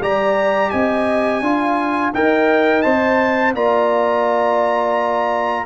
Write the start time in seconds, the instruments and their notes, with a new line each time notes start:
0.00 tuba G3, trombone G4, horn D5, trumpet A#5
0.70 tuba C4, horn D#5, trumpet G#5
1.41 tuba D4, trombone F4, horn F5
2.14 tuba D#4, trombone A#4, horn D#5, trumpet G5
2.81 tuba C4, trombone C5, trumpet A5
3.54 tuba A#3, trombone F4, horn D5, trumpet A#5